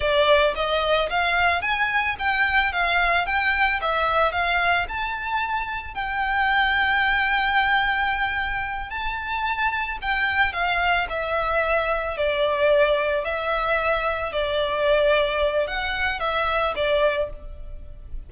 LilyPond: \new Staff \with { instrumentName = "violin" } { \time 4/4 \tempo 4 = 111 d''4 dis''4 f''4 gis''4 | g''4 f''4 g''4 e''4 | f''4 a''2 g''4~ | g''1~ |
g''8 a''2 g''4 f''8~ | f''8 e''2 d''4.~ | d''8 e''2 d''4.~ | d''4 fis''4 e''4 d''4 | }